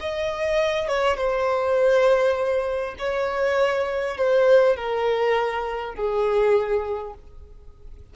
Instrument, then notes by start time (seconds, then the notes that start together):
violin
0.00 D#5
0.88 C#5
1.17 C5
2.98 C#5
4.17 C5
4.76 A#4
5.95 G#4